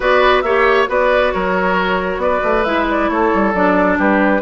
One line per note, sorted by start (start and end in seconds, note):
0.00 0.42 B3
0.00 0.44 F#4
0.00 0.42 B4
0.00 0.41 D5
0.41 0.86 A#3
0.41 0.87 G4
0.41 0.89 C#5
0.41 0.85 E5
0.87 1.32 B3
0.87 2.63 F#4
0.87 1.33 B4
0.87 1.32 D5
1.32 2.17 F#3
1.32 2.22 A#4
1.32 2.20 C#5
2.17 2.39 B3
2.17 3.10 B4
2.17 2.63 D5
2.43 2.65 A3
2.63 3.09 G#3
2.63 3.53 E4
2.63 2.85 E5
2.90 3.09 D5
3.09 3.31 A3
3.09 3.98 A4
3.09 3.53 C#5
3.34 3.54 G3
3.54 3.98 F#3
3.54 4.41 D4
3.54 3.98 D5
3.98 4.41 G3
3.98 4.41 G4
3.98 4.41 B4